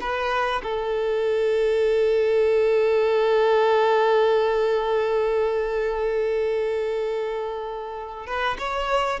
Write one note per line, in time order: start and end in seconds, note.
0.00 0.61 B4
0.62 8.26 A4
8.26 8.57 B4
8.58 9.19 C#5